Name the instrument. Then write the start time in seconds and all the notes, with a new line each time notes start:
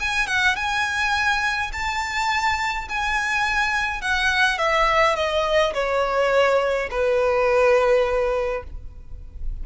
violin
0.00 G#5
0.27 F#5
0.56 G#5
1.73 A5
2.88 G#5
4.01 F#5
4.58 E5
5.16 D#5
5.74 C#5
6.90 B4